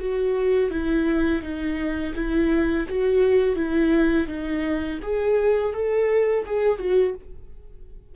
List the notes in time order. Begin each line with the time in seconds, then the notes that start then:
0.00 F#4
0.71 E4
1.42 D#4
2.15 E4
2.89 F#4
3.56 E4
4.28 D#4
5.03 G#4
5.73 A4
6.46 G#4
6.79 F#4